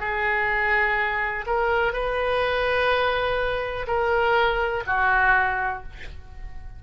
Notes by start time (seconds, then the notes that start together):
0.00 G#4
1.46 A#4
1.93 B4
3.87 A#4
4.87 F#4